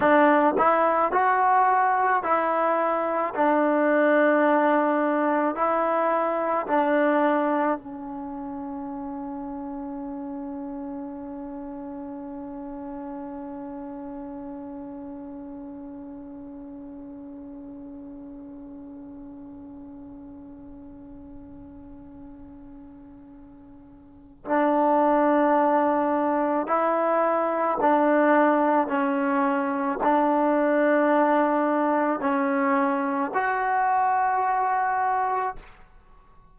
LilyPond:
\new Staff \with { instrumentName = "trombone" } { \time 4/4 \tempo 4 = 54 d'8 e'8 fis'4 e'4 d'4~ | d'4 e'4 d'4 cis'4~ | cis'1~ | cis'1~ |
cis'1~ | cis'2 d'2 | e'4 d'4 cis'4 d'4~ | d'4 cis'4 fis'2 | }